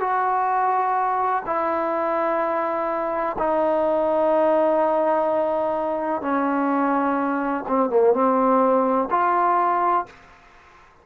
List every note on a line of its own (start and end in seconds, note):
0.00 1.43 F#4
1.46 3.36 E4
3.39 6.22 D#4
6.22 7.65 C#4
7.68 7.90 C4
7.90 8.13 A#3
8.13 9.09 C4
9.10 10.06 F4